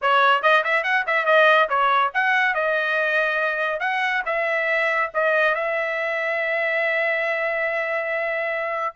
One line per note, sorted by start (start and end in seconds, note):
0.01 0.42 C#5
0.42 0.63 D#5
0.64 0.83 E5
0.83 1.04 F#5
1.06 1.25 E5
1.25 1.68 D#5
1.69 2.11 C#5
2.14 2.54 F#5
2.54 3.80 D#5
3.80 4.22 F#5
4.25 5.10 E5
5.14 5.55 D#5
5.55 8.95 E5